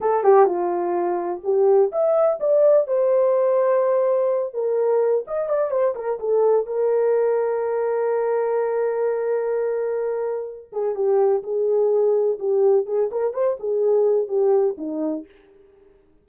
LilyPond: \new Staff \with { instrumentName = "horn" } { \time 4/4 \tempo 4 = 126 a'8 g'8 f'2 g'4 | e''4 d''4 c''2~ | c''4. ais'4. dis''8 d''8 | c''8 ais'8 a'4 ais'2~ |
ais'1~ | ais'2~ ais'8 gis'8 g'4 | gis'2 g'4 gis'8 ais'8 | c''8 gis'4. g'4 dis'4 | }